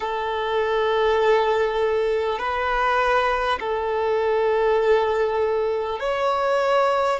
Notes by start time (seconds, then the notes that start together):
0.00 A4
2.38 B4
3.60 A4
5.99 C#5